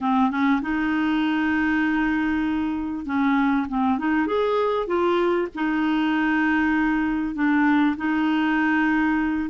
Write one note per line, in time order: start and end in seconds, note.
0.00 0.30 C4
0.30 0.61 C#4
0.61 3.05 D#4
3.05 3.67 C#4
3.68 3.98 C4
3.98 4.26 D#4
4.26 4.86 G#4
4.86 5.47 F4
5.54 7.34 D#4
7.34 7.96 D4
7.96 9.49 D#4